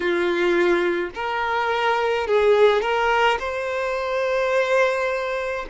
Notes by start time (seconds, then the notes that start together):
0.00 F4
1.14 A#4
2.26 G#4
2.81 A#4
3.39 C5